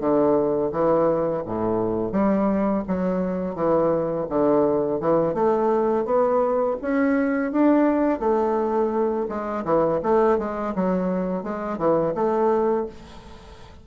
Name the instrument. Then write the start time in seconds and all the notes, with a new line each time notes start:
bassoon
0.00 D3
0.72 E3
1.46 A2
2.12 G3
2.88 F#3
3.56 E3
4.29 D3
5.01 E3
5.34 A3
6.06 B3
6.82 C#4
7.52 D4
8.20 A3
9.29 G#3
9.65 E3
10.03 A3
10.39 G#3
10.76 F#3
11.44 G#3
11.78 E3
12.15 A3